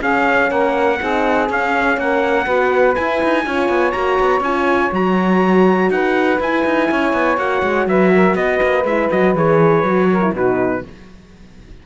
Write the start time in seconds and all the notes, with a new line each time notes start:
0.00 C#4 G#4 F5
0.50 A#3 A#4 F#5
1.00 C4 D#4 G#4
1.49 C#4 F5
1.97 A#3 A#4 F#5
2.45 B3 F#4 B4
2.95 E4 G#5
3.23 D#4
3.45 C#4 F4 C#5
3.68 B3
3.91 A#3 F#4 A#5
4.19 B3
4.40 C#4 F4 G#5
4.91 F#3 F#4 A#5
5.89 D#4 B4 F#5
6.39 E4 G#5
6.65 D#4
6.90 C#4 C#5
7.13 B3
7.36 A#3 F#4 F#5
7.62 G#3
7.86 F#3 B4 E5
8.13 A#4
8.35 B3 B4 D#5
8.62 A#3
8.84 G#3 E4 E5
9.11 F#3 F#4 D#5
9.35 E3 G#4 C#5
9.83 F#3 F#4
10.11 A#4
10.21 E4
10.32 B2 D#4 F#4 B4